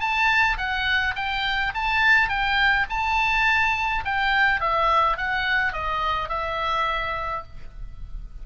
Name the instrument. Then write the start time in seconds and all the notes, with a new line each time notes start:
oboe
0.00 A5
0.58 F#5
1.16 G5
1.75 A5
2.29 G5
2.90 A5
4.05 G5
4.61 E5
5.17 F#5
5.73 D#5
6.29 E5